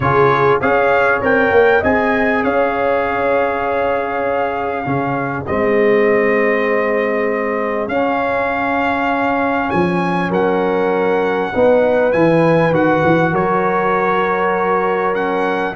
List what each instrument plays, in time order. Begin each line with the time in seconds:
0.00 tuba C#3, trombone F4, horn G#4, trumpet C#5
0.60 tuba C#4, trombone G#4, horn C#5, trumpet F5
1.21 tuba C4, trombone A#4, trumpet G5
1.51 tuba A#3
1.80 tuba C4, trombone G#4, horn D#5, trumpet G#5
2.43 tuba C#4, horn C#5, trumpet F5
4.84 tuba C#3, trombone C#4, horn G#4
5.45 tuba G#3, trombone C4, trumpet D#5
7.87 tuba C#4, trombone C#4, trumpet F5
9.70 tuba F3, trumpet G#5
10.29 tuba F#3, horn A#4, trumpet F#5
11.54 tuba B3, trombone D#4, horn B4
12.12 tuba E3, trombone E4, trumpet G#5
12.70 tuba D#3, trombone F#4, trumpet F#5
13.03 tuba E3
13.32 tuba F#3, horn A#4, trumpet C#5
15.14 trombone C#4, trumpet F#5